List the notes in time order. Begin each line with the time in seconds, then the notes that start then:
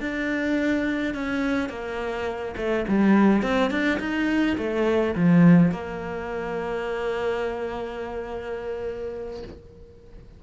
0.00 D4
1.14 C#4
1.69 A#3
2.57 A3
2.88 G3
3.42 C4
3.71 D4
4.00 D#4
4.58 A3
5.15 F3
5.71 A#3